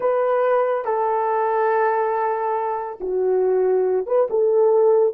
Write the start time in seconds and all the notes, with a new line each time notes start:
0.00 B4
0.84 A4
3.00 F#4
4.06 B4
4.30 A4